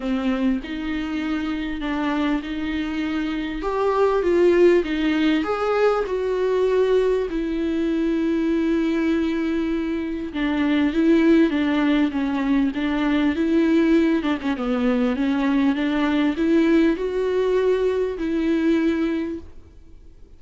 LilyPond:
\new Staff \with { instrumentName = "viola" } { \time 4/4 \tempo 4 = 99 c'4 dis'2 d'4 | dis'2 g'4 f'4 | dis'4 gis'4 fis'2 | e'1~ |
e'4 d'4 e'4 d'4 | cis'4 d'4 e'4. d'16 cis'16 | b4 cis'4 d'4 e'4 | fis'2 e'2 | }